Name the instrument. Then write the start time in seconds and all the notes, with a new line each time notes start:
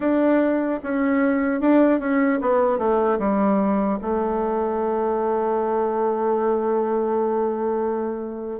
bassoon
0.00 D4
0.83 C#4
1.60 D4
1.99 C#4
2.41 B3
2.78 A3
3.18 G3
4.01 A3